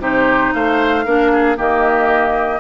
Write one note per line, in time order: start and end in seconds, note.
0.00 0.52 C3
0.00 1.06 D#4
0.00 0.54 G4
0.00 0.54 C5
0.54 1.06 A3
0.54 1.05 C5
0.54 1.58 F5
1.05 1.58 A#3
1.05 1.57 D4
1.05 1.32 A#4
1.32 1.58 G#4
1.57 2.60 D#3
1.57 2.60 A#3
1.57 2.60 G4
1.57 2.60 D#5